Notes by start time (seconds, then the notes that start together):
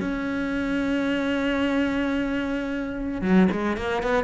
0.00 C#4
3.21 F#3
3.52 G#3
3.77 A#3
4.03 B3